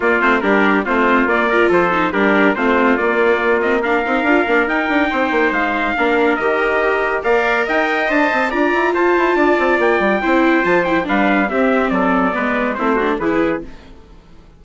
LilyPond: <<
  \new Staff \with { instrumentName = "trumpet" } { \time 4/4 \tempo 4 = 141 d''8 c''8 ais'4 c''4 d''4 | c''4 ais'4 c''4 d''4~ | d''8 dis''8 f''2 g''4~ | g''4 f''2 dis''4~ |
dis''4 f''4 g''4 a''4 | ais''4 a''2 g''4~ | g''4 a''8 g''8 f''4 e''4 | d''2 c''4 b'4 | }
  \new Staff \with { instrumentName = "trumpet" } { \time 4/4 f'4 g'4 f'4. ais'8 | a'4 g'4 f'2~ | f'4 ais'2. | c''2 ais'2~ |
ais'4 d''4 dis''2 | d''4 c''4 d''2 | c''2 b'4 g'4 | a'4 b'4 e'8 fis'8 gis'4 | }
  \new Staff \with { instrumentName = "viola" } { \time 4/4 ais8 c'8 d'4 c'4 ais8 f'8~ | f'8 dis'8 d'4 c'4 ais4~ | ais8 c'8 d'8 dis'8 f'8 d'8 dis'4~ | dis'2 d'4 g'4~ |
g'4 ais'2 c''4 | f'1 | e'4 f'8 e'8 d'4 c'4~ | c'4 b4 c'8 d'8 e'4 | }
  \new Staff \with { instrumentName = "bassoon" } { \time 4/4 ais8 a8 g4 a4 ais4 | f4 g4 a4 ais4~ | ais4. c'8 d'8 ais8 dis'8 d'8 | c'8 ais8 gis4 ais4 dis4~ |
dis4 ais4 dis'4 d'8 c'8 | d'8 e'8 f'8 e'8 d'8 c'8 ais8 g8 | c'4 f4 g4 c'4 | fis4 gis4 a4 e4 | }
>>